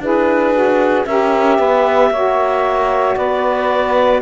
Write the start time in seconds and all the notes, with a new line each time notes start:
0.00 D4 E4 G#4 B4
0.54 F#4
1.06 C#4 G4 A#4 E5
1.58 B3 B4
2.11 A#3 F#4 C#5
3.16 B3 B4 D5